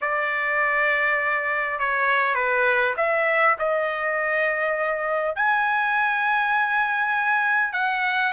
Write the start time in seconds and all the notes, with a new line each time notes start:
0.01 D5
1.79 C#5
2.35 B4
2.96 E5
3.58 D#5
5.35 G#5
7.72 F#5